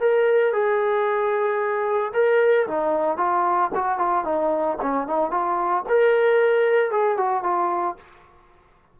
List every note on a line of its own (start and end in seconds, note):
0.00 0.53 A#4
0.53 2.12 G#4
2.14 2.67 A#4
2.67 3.17 D#4
3.17 3.70 F4
3.75 3.98 F#4
3.98 4.24 F4
4.24 4.77 D#4
4.81 5.07 C#4
5.07 5.30 D#4
5.30 5.84 F4
5.89 6.91 A#4
6.91 7.17 G#4
7.17 7.43 F#4
7.43 7.96 F4